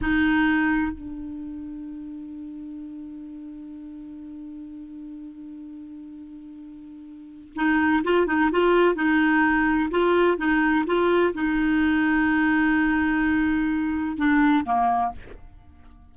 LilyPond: \new Staff \with { instrumentName = "clarinet" } { \time 4/4 \tempo 4 = 127 dis'2 d'2~ | d'1~ | d'1~ | d'1 |
dis'4 f'8 dis'8 f'4 dis'4~ | dis'4 f'4 dis'4 f'4 | dis'1~ | dis'2 d'4 ais4 | }